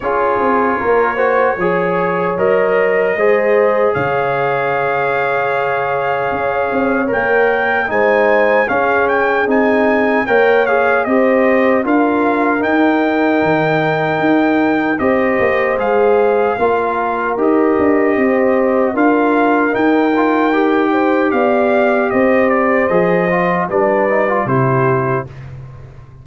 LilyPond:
<<
  \new Staff \with { instrumentName = "trumpet" } { \time 4/4 \tempo 4 = 76 cis''2. dis''4~ | dis''4 f''2.~ | f''4 g''4 gis''4 f''8 g''8 | gis''4 g''8 f''8 dis''4 f''4 |
g''2. dis''4 | f''2 dis''2 | f''4 g''2 f''4 | dis''8 d''8 dis''4 d''4 c''4 | }
  \new Staff \with { instrumentName = "horn" } { \time 4/4 gis'4 ais'8 c''8 cis''2 | c''4 cis''2.~ | cis''2 c''4 gis'4~ | gis'4 cis''4 c''4 ais'4~ |
ais'2. c''4~ | c''4 ais'2 c''4 | ais'2~ ais'8 c''8 d''4 | c''2 b'4 g'4 | }
  \new Staff \with { instrumentName = "trombone" } { \time 4/4 f'4. fis'8 gis'4 ais'4 | gis'1~ | gis'4 ais'4 dis'4 cis'4 | dis'4 ais'8 gis'8 g'4 f'4 |
dis'2. g'4 | gis'4 f'4 g'2 | f'4 dis'8 f'8 g'2~ | g'4 gis'8 f'8 d'8 dis'16 f'16 e'4 | }
  \new Staff \with { instrumentName = "tuba" } { \time 4/4 cis'8 c'8 ais4 f4 fis4 | gis4 cis2. | cis'8 c'8 ais4 gis4 cis'4 | c'4 ais4 c'4 d'4 |
dis'4 dis4 dis'4 c'8 ais8 | gis4 ais4 dis'8 d'8 c'4 | d'4 dis'2 b4 | c'4 f4 g4 c4 | }
>>